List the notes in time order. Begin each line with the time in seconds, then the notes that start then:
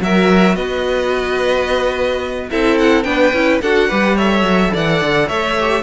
0.00 F#3 F#4 A#4 E5
0.55 B3 B4 D#5
2.50 C4 E4 A4 E5
2.78 F#5
3.03 B3 D4 B4 G5
3.33 C#4 E4
3.62 D4 F#4 A4 F#5
3.88 G3 G4 B4
4.16 A4 C#5 E5
4.42 F#3
4.73 E3 D5 F#5
5.01 D3
5.27 A3 C#5 E5
5.60 G4